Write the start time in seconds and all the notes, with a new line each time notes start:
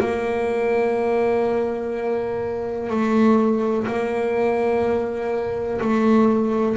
0.00 A#3
2.90 A3
3.87 A#3
5.81 A3